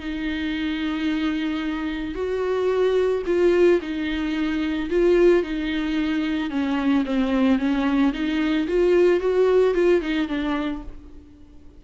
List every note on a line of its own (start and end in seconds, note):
0.00 2.14 D#4
2.14 3.23 F#4
3.26 3.80 F4
3.81 4.89 D#4
4.90 5.43 F4
5.43 6.50 D#4
6.50 7.04 C#4
7.05 7.59 C4
7.59 8.13 C#4
8.13 8.67 D#4
8.68 9.20 F4
9.20 9.74 F#4
9.74 10.01 F4
10.02 10.28 D#4
10.28 10.82 D4